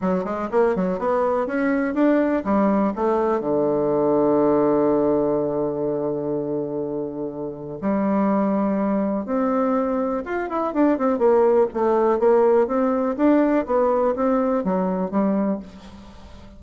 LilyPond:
\new Staff \with { instrumentName = "bassoon" } { \time 4/4 \tempo 4 = 123 fis8 gis8 ais8 fis8 b4 cis'4 | d'4 g4 a4 d4~ | d1~ | d1 |
g2. c'4~ | c'4 f'8 e'8 d'8 c'8 ais4 | a4 ais4 c'4 d'4 | b4 c'4 fis4 g4 | }